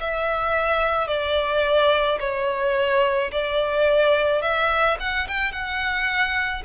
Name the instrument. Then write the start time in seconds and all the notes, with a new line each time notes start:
violin
0.00 E5
1.08 D5
2.20 C#5
3.32 D5
4.42 E5
5.00 F#5
5.28 G5
5.52 F#5